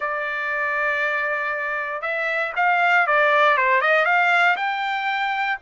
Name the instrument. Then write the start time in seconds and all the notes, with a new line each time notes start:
trumpet
0.00 D5
2.01 E5
2.55 F5
3.06 D5
3.57 C5
3.81 D#5
4.05 F5
4.56 G5